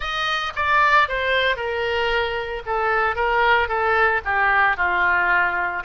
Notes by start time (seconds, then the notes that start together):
0.00 D#5
0.55 D5
1.08 C5
1.56 A#4
2.65 A4
3.15 A#4
3.68 A4
4.25 G4
4.76 F4